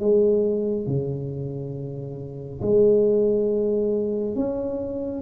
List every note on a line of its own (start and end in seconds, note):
0.00 0.87 G#3
0.87 2.60 C#3
2.62 4.35 G#3
4.35 5.21 C#4